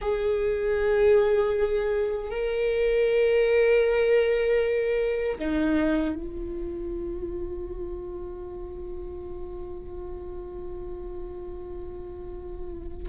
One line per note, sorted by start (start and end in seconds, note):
0.01 2.30 G#4
2.30 5.38 A#4
5.38 6.15 D#4
6.15 13.08 F4